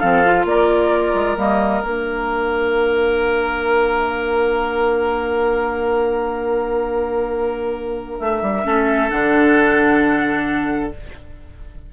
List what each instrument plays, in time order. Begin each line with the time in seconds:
0.00 bassoon F3, clarinet C4, oboe A4, flute F5
0.26 clarinet F4
0.45 bassoon A#3, oboe A#4, flute D5
1.15 bassoon G#3
1.37 bassoon G3, clarinet A#3, flute D#5
1.83 bassoon A#3, clarinet D4, flute F5
8.20 bassoon A3, flute E5
8.42 bassoon G3
8.64 bassoon A3, clarinet C#4, oboe A4
9.10 bassoon D3, clarinet D4, flute F#5